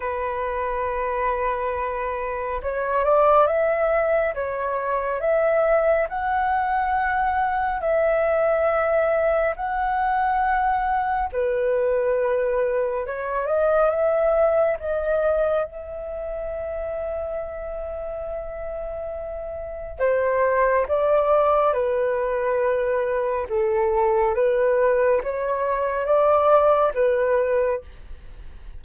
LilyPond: \new Staff \with { instrumentName = "flute" } { \time 4/4 \tempo 4 = 69 b'2. cis''8 d''8 | e''4 cis''4 e''4 fis''4~ | fis''4 e''2 fis''4~ | fis''4 b'2 cis''8 dis''8 |
e''4 dis''4 e''2~ | e''2. c''4 | d''4 b'2 a'4 | b'4 cis''4 d''4 b'4 | }